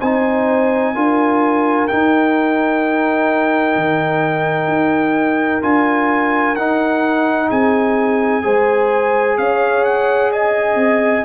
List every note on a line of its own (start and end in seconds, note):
0.00 0.96 C4
0.00 0.95 D#4
0.00 0.94 C5
0.00 1.88 G#5
0.95 1.90 D4
0.95 1.89 F4
0.95 7.49 A#4
1.88 5.62 D#4
1.88 3.76 D#4
1.88 5.63 G5
3.76 4.68 D#3
4.68 5.62 D#4
5.62 6.57 D4
5.62 6.56 F4
5.62 6.56 G#5
6.56 7.50 D#4
6.56 8.42 D#4
6.56 7.50 F#5
7.49 8.45 C4
7.49 8.43 G#4
7.49 9.38 G#5
8.42 9.38 G#3
8.42 11.24 G#4
8.42 9.39 C5
9.38 10.76 C#4
9.38 10.32 C#5
9.38 9.85 F5
9.85 10.32 F#5
10.32 11.25 D#5
10.32 11.25 G#5
10.76 11.23 C4